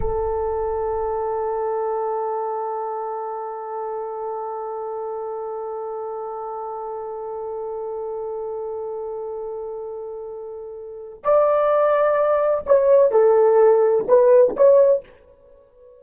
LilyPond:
\new Staff \with { instrumentName = "horn" } { \time 4/4 \tempo 4 = 128 a'1~ | a'1~ | a'1~ | a'1~ |
a'1~ | a'1 | d''2. cis''4 | a'2 b'4 cis''4 | }